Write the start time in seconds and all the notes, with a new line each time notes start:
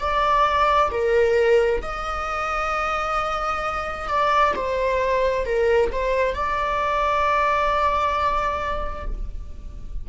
0.00 D5
0.91 A#4
1.83 D#5
4.09 D5
4.56 C5
5.46 A#4
5.93 C5
6.35 D5